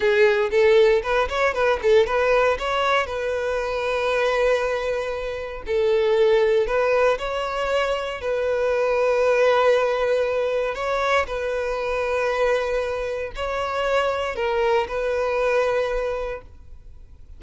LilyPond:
\new Staff \with { instrumentName = "violin" } { \time 4/4 \tempo 4 = 117 gis'4 a'4 b'8 cis''8 b'8 a'8 | b'4 cis''4 b'2~ | b'2. a'4~ | a'4 b'4 cis''2 |
b'1~ | b'4 cis''4 b'2~ | b'2 cis''2 | ais'4 b'2. | }